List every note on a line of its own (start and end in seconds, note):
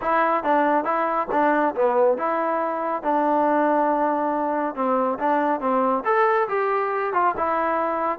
0.01 0.43 E4
0.43 0.84 D4
0.84 1.27 E4
1.31 1.74 D4
1.75 2.17 B3
2.17 3.02 E4
3.02 4.75 D4
4.75 5.18 C4
5.19 5.60 D4
5.60 6.03 C4
6.05 6.48 A4
6.48 7.13 G4
7.13 7.34 F4
7.37 8.18 E4